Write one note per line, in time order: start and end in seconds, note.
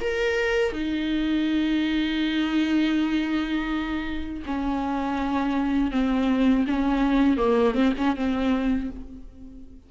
0.00 0.72 A#4
0.72 4.43 D#4
4.46 5.91 C#4
5.91 6.65 C4
6.67 7.37 C#4
7.37 7.74 A#3
7.74 7.93 C4
7.98 8.16 C#4
8.16 8.90 C4